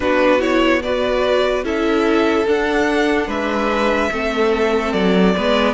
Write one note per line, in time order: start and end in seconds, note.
0.00 1.64 B3
0.00 0.39 D4
0.00 0.83 F#4
0.00 0.41 B4
0.39 0.80 E4
0.39 0.82 C#5
0.82 1.64 F#4
0.82 1.64 B4
0.82 1.64 D5
1.64 2.46 C#4
1.64 2.46 E4
1.64 3.27 A4
1.64 2.46 E5
2.47 3.27 D4
2.47 4.11 D4
2.47 3.30 F#5
3.27 4.09 G#3
3.27 4.10 B4
3.27 4.92 E5
4.11 4.93 A3
4.11 5.35 C4
4.11 5.35 A4
4.92 5.34 F#3
4.92 5.73 D5
5.36 5.73 G#3
5.36 5.73 B3
5.36 5.73 B4